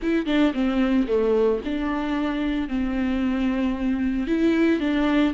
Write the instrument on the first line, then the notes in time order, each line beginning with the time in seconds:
viola
0.02 E4
0.26 D4
0.53 C4
1.07 A3
1.64 D4
2.68 C4
4.27 E4
4.80 D4